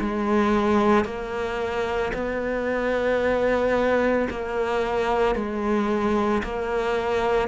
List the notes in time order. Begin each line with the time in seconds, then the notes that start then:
0.00 G#3
1.05 A#3
2.14 B3
4.30 A#3
5.35 G#3
6.43 A#3